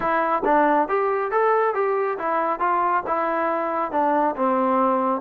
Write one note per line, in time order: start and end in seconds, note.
0.00 0.42 E4
0.44 0.88 D4
0.88 1.31 G4
1.31 1.74 A4
1.74 2.18 G4
2.18 2.59 E4
2.59 3.03 F4
3.06 3.91 E4
3.91 4.35 D4
4.36 5.21 C4